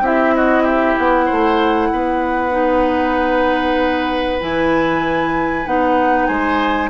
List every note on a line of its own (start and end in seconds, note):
0.00 0.94 C4
0.00 2.50 E4
0.00 0.34 G4
0.00 0.35 E5
0.35 0.62 F#4
0.35 0.66 D#5
0.62 1.25 G4
0.62 0.97 E5
0.97 1.29 B3
0.97 4.41 F#5
1.25 1.91 A3
1.25 1.88 C5
1.91 4.41 B3
1.91 6.27 B4
2.50 4.38 D#4
4.40 5.65 E3
4.40 5.65 E4
4.40 5.66 G#5
5.65 6.28 B3
5.65 6.89 D#4
5.65 6.26 F#5
6.26 6.89 G#3
6.26 6.89 C5
6.26 6.89 G#5